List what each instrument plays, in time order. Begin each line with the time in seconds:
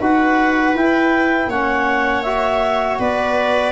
0.00 tuba D#4, trombone F#4, viola B4, clarinet F#5
0.74 tuba E4, trombone E4, clarinet G5
1.47 tuba A#3, trombone C#4, viola C#5, clarinet F#5
2.23 trombone F#4, clarinet E5
2.99 tuba B3, viola B4, clarinet D5